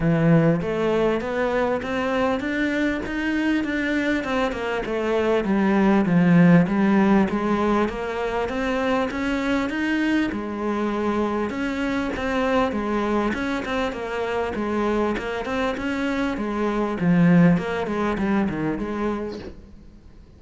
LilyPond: \new Staff \with { instrumentName = "cello" } { \time 4/4 \tempo 4 = 99 e4 a4 b4 c'4 | d'4 dis'4 d'4 c'8 ais8 | a4 g4 f4 g4 | gis4 ais4 c'4 cis'4 |
dis'4 gis2 cis'4 | c'4 gis4 cis'8 c'8 ais4 | gis4 ais8 c'8 cis'4 gis4 | f4 ais8 gis8 g8 dis8 gis4 | }